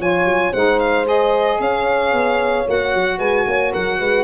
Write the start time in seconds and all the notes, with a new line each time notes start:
0.00 F3 F4 C#5 G#5
0.25 F#3
0.52 G#3 D#4 C5 F#5
0.80 F5
1.06 G#4 D#5
1.60 C#4 C#5 F5
2.13 B3
2.67 A#3 F#4 F#5
2.94 F#3
3.18 G#3 B4 G#5
3.47 A#3 C#5
3.72 F#3 A#4 F#5
3.99 G#3 B4